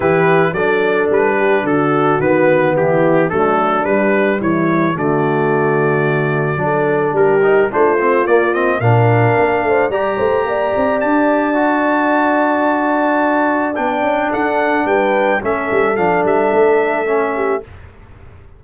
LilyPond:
<<
  \new Staff \with { instrumentName = "trumpet" } { \time 4/4 \tempo 4 = 109 b'4 d''4 b'4 a'4 | b'4 g'4 a'4 b'4 | cis''4 d''2.~ | d''4 ais'4 c''4 d''8 dis''8 |
f''2 ais''2 | a''1~ | a''4 g''4 fis''4 g''4 | e''4 f''8 e''2~ e''8 | }
  \new Staff \with { instrumentName = "horn" } { \time 4/4 g'4 a'4. g'8 fis'4~ | fis'4 e'4 d'2 | e'4 fis'2. | a'4 g'4 f'2 |
ais'4. c''8 d''8 c''8 d''4~ | d''1~ | d''2 a'4 b'4 | a'2.~ a'8 g'8 | }
  \new Staff \with { instrumentName = "trombone" } { \time 4/4 e'4 d'2. | b2 a4 g4~ | g4 a2. | d'4. dis'8 d'8 c'8 ais8 c'8 |
d'2 g'2~ | g'4 fis'2.~ | fis'4 d'2. | cis'4 d'2 cis'4 | }
  \new Staff \with { instrumentName = "tuba" } { \time 4/4 e4 fis4 g4 d4 | dis4 e4 fis4 g4 | e4 d2. | fis4 g4 a4 ais4 |
ais,4 ais8 a8 g8 a8 ais8 c'8 | d'1~ | d'4 b8 cis'8 d'4 g4 | a8 g8 f8 g8 a2 | }
>>